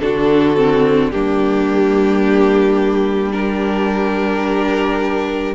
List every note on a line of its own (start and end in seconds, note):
0.00 1.14 D3
0.00 0.56 D4
0.00 1.12 F#4
0.00 1.11 A4
0.56 1.12 C4
1.11 5.55 G3
1.11 3.32 A#3
1.11 3.34 D4
1.11 3.32 G4
3.32 5.54 D4
3.32 5.55 G4
3.32 5.55 A#4